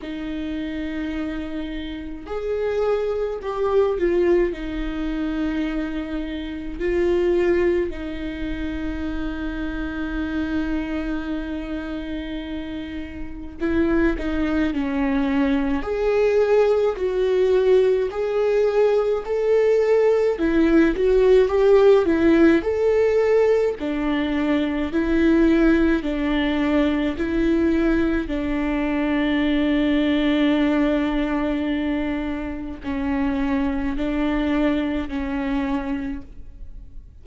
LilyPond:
\new Staff \with { instrumentName = "viola" } { \time 4/4 \tempo 4 = 53 dis'2 gis'4 g'8 f'8 | dis'2 f'4 dis'4~ | dis'1 | e'8 dis'8 cis'4 gis'4 fis'4 |
gis'4 a'4 e'8 fis'8 g'8 e'8 | a'4 d'4 e'4 d'4 | e'4 d'2.~ | d'4 cis'4 d'4 cis'4 | }